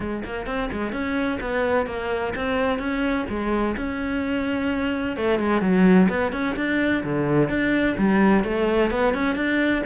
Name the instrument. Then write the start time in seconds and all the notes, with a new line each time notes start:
cello
0.00 G#3
0.24 A#3
0.46 C4
0.72 G#3
0.92 C#4
1.40 B3
1.86 A#3
2.35 C4
2.78 C#4
3.29 G#3
3.76 C#4
5.16 A3
5.39 G#3
5.61 F#3
6.09 B3
6.32 C#4
6.56 D4
7.03 D3
7.49 D4
7.97 G3
8.44 A3
8.91 B3
9.13 C#4
9.35 D4